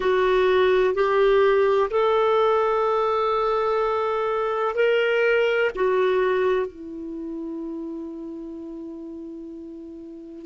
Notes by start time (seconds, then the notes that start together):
0.00 F#4
0.94 G4
1.90 A4
4.75 A#4
5.75 F#4
6.66 E4